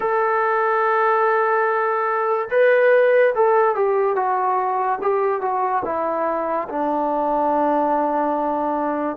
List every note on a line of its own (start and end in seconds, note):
0.00 2.48 A4
2.50 3.33 B4
3.34 3.75 A4
3.75 4.15 G4
4.15 4.98 F#4
5.02 5.41 G4
5.41 5.83 F#4
5.84 6.67 E4
6.69 9.17 D4